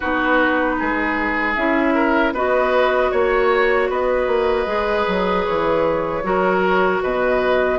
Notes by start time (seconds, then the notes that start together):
0.00 B3 D#4 F#4 B4
0.79 G#3 G#4
1.55 C#4 E4 E5
1.94 A#4
2.32 B3 F#4 B4 D#5
3.11 A#3 C#5
3.89 B3 B4 D#5
4.27 A#3
4.66 G#3 G#4
5.07 F#3
5.45 E3 C#5
6.23 F#3 F#4 A#4
7.02 B2 B4 D#5